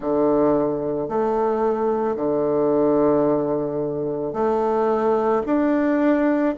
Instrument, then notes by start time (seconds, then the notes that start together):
bassoon
0.00 D3
1.08 A3
2.15 D3
4.33 A3
5.45 D4